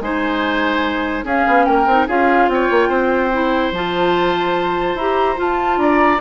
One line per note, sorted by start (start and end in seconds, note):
0.00 1.24 G#3
0.00 1.26 D#4
0.00 1.25 C5
0.00 1.25 G#5
1.24 1.44 C#4
1.24 1.88 C#4
1.24 1.66 G#4
1.24 1.65 F5
1.47 1.68 B3
1.65 1.86 A#3
1.65 2.07 A#4
1.65 2.06 G5
1.86 2.07 C4
1.86 2.08 D#4
2.07 2.48 C#4
2.07 3.32 F4
2.07 2.49 G#4
2.07 2.49 F5
2.48 2.69 C4
2.48 2.89 C#5
2.48 3.73 G5
2.70 2.89 A#3
2.89 3.71 C4
2.89 5.78 C5
3.32 3.73 E4
3.72 4.94 F3
3.72 4.98 F4
3.72 4.97 A5
4.94 5.36 E4
4.94 5.36 G4
4.94 5.39 A#5
5.36 6.19 F4
5.36 5.77 F4
5.36 5.79 A5
5.77 6.19 D4
5.77 6.21 D5
5.77 6.21 A#5